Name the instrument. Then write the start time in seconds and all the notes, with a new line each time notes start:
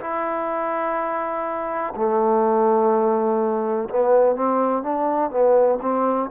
trombone
0.00 E4
1.95 A3
3.89 B3
4.35 C4
4.82 D4
5.30 B3
5.81 C4